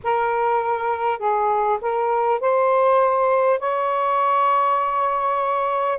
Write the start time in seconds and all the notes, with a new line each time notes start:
0.03 A#4
1.18 G#4
1.81 A#4
2.40 C5
3.59 C#5